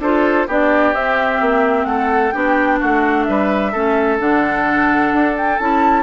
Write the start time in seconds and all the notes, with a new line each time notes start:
0.00 D4 F4 A4 C5
0.47 B3 D4 G4 D5
0.94 C4 E5
1.41 A#3
1.85 A3 A4 F#5
2.32 B3 D4 G4 G5
2.80 A3 F#4 F#5
3.24 G3 B4 E5
3.73 A3 C#4 A4
4.19 D3 D4 F#5
5.13 D4
5.37 G5
5.60 C#4 E4 A5